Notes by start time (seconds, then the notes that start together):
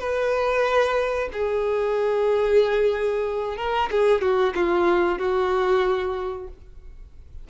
0.00 B4
1.33 G#4
3.57 A#4
3.91 G#4
4.21 F#4
4.55 F4
5.19 F#4